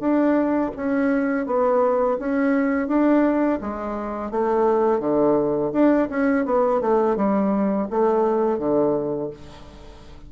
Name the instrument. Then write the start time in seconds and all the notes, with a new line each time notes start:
bassoon
0.00 D4
0.77 C#4
1.47 B3
2.19 C#4
2.88 D4
3.61 G#3
4.31 A3
5.00 D3
5.73 D4
6.10 C#4
6.46 B3
6.81 A3
7.17 G3
7.91 A3
8.59 D3